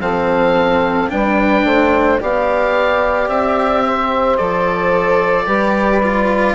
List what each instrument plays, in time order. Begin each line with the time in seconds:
0.00 bassoon F3, cello C4, saxophone A4, oboe F5
1.09 bassoon G3, cello D4, saxophone B4, oboe G5
1.64 bassoon A3, saxophone C5
2.20 bassoon B3, cello G4, saxophone D5, oboe F5
3.28 bassoon C4, oboe E5
3.85 saxophone C5
4.37 bassoon F3, cello A4, oboe D5
5.46 bassoon G3, cello G4, saxophone B4
6.03 cello F4